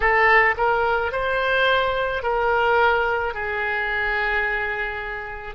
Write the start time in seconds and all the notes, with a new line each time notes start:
0.00 A4
0.57 A#4
1.12 C5
2.22 A#4
3.34 G#4